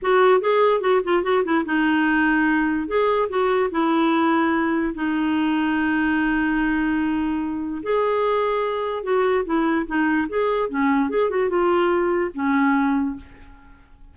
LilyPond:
\new Staff \with { instrumentName = "clarinet" } { \time 4/4 \tempo 4 = 146 fis'4 gis'4 fis'8 f'8 fis'8 e'8 | dis'2. gis'4 | fis'4 e'2. | dis'1~ |
dis'2. gis'4~ | gis'2 fis'4 e'4 | dis'4 gis'4 cis'4 gis'8 fis'8 | f'2 cis'2 | }